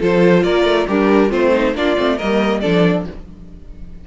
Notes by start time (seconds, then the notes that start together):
0.00 F3 F4 A4 C5
0.43 A#3 A#4 D5
0.64 A3
0.87 G3 D4 G4 A#4
1.30 A3 C4 F4 C5
1.53 D#4
1.75 A#3 D4 F4 D5
1.97 A3 C4
2.17 G3 A#3 A#4 D#5
2.61 F3 D4 A4 D5